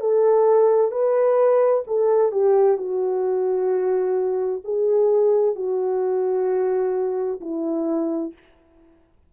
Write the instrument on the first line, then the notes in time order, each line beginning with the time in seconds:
horn
0.00 A4
0.91 B4
1.87 A4
2.32 G4
2.77 F#4
4.64 G#4
5.56 F#4
7.41 E4